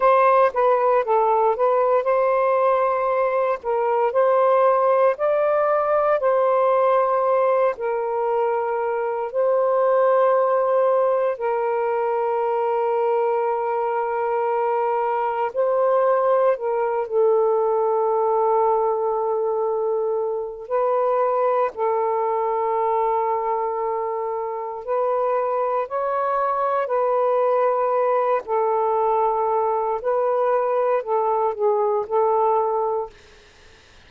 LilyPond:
\new Staff \with { instrumentName = "saxophone" } { \time 4/4 \tempo 4 = 58 c''8 b'8 a'8 b'8 c''4. ais'8 | c''4 d''4 c''4. ais'8~ | ais'4 c''2 ais'4~ | ais'2. c''4 |
ais'8 a'2.~ a'8 | b'4 a'2. | b'4 cis''4 b'4. a'8~ | a'4 b'4 a'8 gis'8 a'4 | }